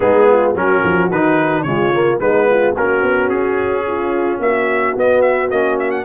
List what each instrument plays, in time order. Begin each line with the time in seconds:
0.00 tuba G#3, trombone B3, horn D#4, trumpet G#4
0.29 horn F4
0.54 tuba F#3, trombone C#4, horn F#4, trumpet A#4
0.84 tuba F3
1.10 tuba D#3, trombone D#4, trumpet B4
1.62 tuba C#3, trombone G#3, horn F4, trumpet C#5
1.92 trombone A#3
2.20 tuba G#3, trombone B3, horn D#4, trumpet B4
2.49 horn F4
2.74 tuba A#3, trombone C#4, horn F#4, trumpet A#4
3.02 tuba B3
3.29 tuba C#4, trumpet G#4
3.86 horn F4
4.39 tuba A#3, horn F#4, trumpet E5
4.96 tuba B3, trombone B3, trumpet D#5
5.21 trumpet E5
5.50 tuba A#3, trombone C#4, trumpet D#5
5.79 trumpet E5
5.91 trumpet F#5